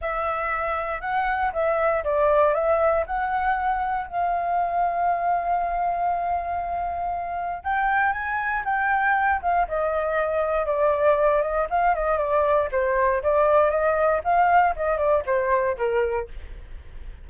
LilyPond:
\new Staff \with { instrumentName = "flute" } { \time 4/4 \tempo 4 = 118 e''2 fis''4 e''4 | d''4 e''4 fis''2 | f''1~ | f''2. g''4 |
gis''4 g''4. f''8 dis''4~ | dis''4 d''4. dis''8 f''8 dis''8 | d''4 c''4 d''4 dis''4 | f''4 dis''8 d''8 c''4 ais'4 | }